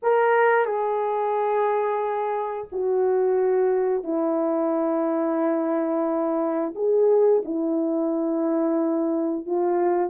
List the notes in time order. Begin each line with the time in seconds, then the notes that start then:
0.02 A#4
0.65 G#4
2.72 F#4
4.03 E4
6.75 G#4
7.44 E4
9.46 F4